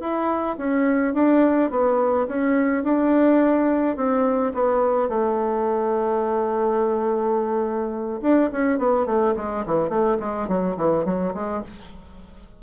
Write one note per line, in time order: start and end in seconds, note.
0.00 0.57 E4
0.58 1.14 C#4
1.14 1.71 D4
1.71 2.27 B3
2.28 2.84 C#4
2.84 3.96 D4
3.96 4.53 C4
4.54 5.09 B3
5.09 8.20 A3
8.22 8.50 D4
8.52 8.79 C#4
8.79 9.06 B3
9.06 9.34 A3
9.36 9.65 G#3
9.66 9.89 E3
9.89 10.17 A3
10.20 10.48 G#3
10.48 10.76 F#3
10.77 11.05 E3
11.05 11.33 F#3
11.34 11.62 G#3